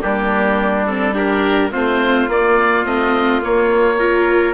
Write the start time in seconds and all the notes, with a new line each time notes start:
0.00 G3 A#3 D4 G4
0.86 C4 A4
1.13 D4 G4 A#4
1.71 A3 C4 F4 C5
2.27 A#3 D5
2.84 A3 C4 D#5
3.41 A#3 C#5
3.98 F4 A#4